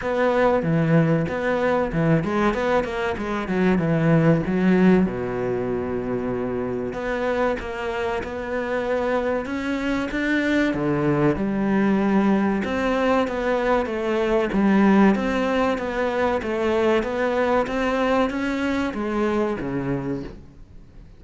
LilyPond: \new Staff \with { instrumentName = "cello" } { \time 4/4 \tempo 4 = 95 b4 e4 b4 e8 gis8 | b8 ais8 gis8 fis8 e4 fis4 | b,2. b4 | ais4 b2 cis'4 |
d'4 d4 g2 | c'4 b4 a4 g4 | c'4 b4 a4 b4 | c'4 cis'4 gis4 cis4 | }